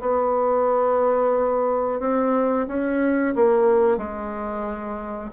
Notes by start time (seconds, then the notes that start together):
0.00 B3
2.00 C4
2.68 C#4
3.35 A#3
3.97 G#3